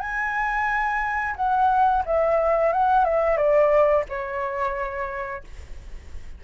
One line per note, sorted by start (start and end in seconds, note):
0.00 1.35 G#5
1.36 2.03 F#5
2.05 2.73 E5
2.73 3.05 F#5
3.05 3.37 E5
3.37 4.04 D5
4.09 5.44 C#5